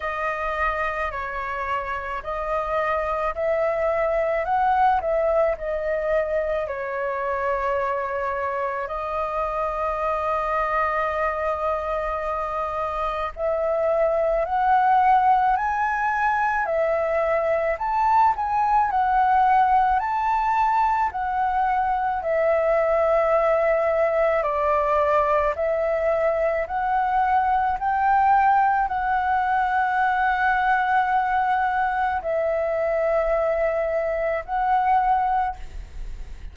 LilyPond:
\new Staff \with { instrumentName = "flute" } { \time 4/4 \tempo 4 = 54 dis''4 cis''4 dis''4 e''4 | fis''8 e''8 dis''4 cis''2 | dis''1 | e''4 fis''4 gis''4 e''4 |
a''8 gis''8 fis''4 a''4 fis''4 | e''2 d''4 e''4 | fis''4 g''4 fis''2~ | fis''4 e''2 fis''4 | }